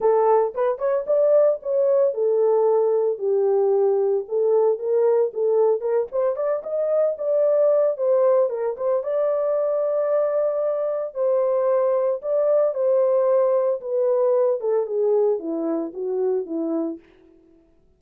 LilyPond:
\new Staff \with { instrumentName = "horn" } { \time 4/4 \tempo 4 = 113 a'4 b'8 cis''8 d''4 cis''4 | a'2 g'2 | a'4 ais'4 a'4 ais'8 c''8 | d''8 dis''4 d''4. c''4 |
ais'8 c''8 d''2.~ | d''4 c''2 d''4 | c''2 b'4. a'8 | gis'4 e'4 fis'4 e'4 | }